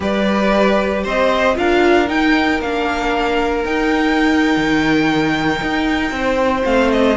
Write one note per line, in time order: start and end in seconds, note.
0.00 1.04 G3
0.00 1.52 G4
0.00 1.03 B4
0.00 1.06 D5
1.03 1.57 C4
1.03 1.55 C5
1.03 1.57 D#5
1.55 2.09 D4
1.55 2.06 F4
1.55 6.15 A#4
1.55 2.09 F5
2.06 2.59 D#4
2.06 2.61 D#4
2.06 2.61 G5
2.61 3.64 A#3
2.61 3.65 D4
2.61 3.64 F5
3.64 4.56 D#4
3.64 6.64 D#4
3.64 6.64 G5
4.56 5.60 D#3
5.62 6.11 D#4
6.11 6.63 C4
6.11 7.17 C5
6.64 7.17 A3
6.64 7.16 C4
6.64 6.90 F5
6.91 7.17 D#5